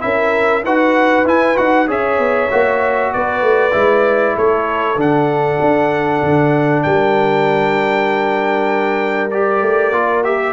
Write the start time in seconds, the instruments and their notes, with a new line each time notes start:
0.00 tuba C#4, trombone E4, horn A#4, trumpet E5
0.64 tuba D#4, trombone F#4, horn B4, trumpet F#5
1.25 tuba E4, trombone E4, trumpet G#5
1.56 tuba D#4, trombone F#4, trumpet F#5
1.87 tuba C#4, trombone G#4, horn C#5, trumpet E5
2.18 tuba B3
2.51 tuba A#3, trombone F#4
3.13 tuba B3, horn B4, trumpet D5
3.42 tuba A3
3.71 tuba G#3, trombone E4
4.36 tuba A3, horn A4, trumpet C#5
4.96 tuba D3, trombone D4, trumpet F#5
5.61 tuba D4
6.23 tuba D3
6.83 tuba G3, horn A#4, trumpet G5
9.31 trombone G4, trumpet D5
9.61 tuba A3
9.92 tuba A#3, trombone F4
10.24 trombone G4, trumpet E5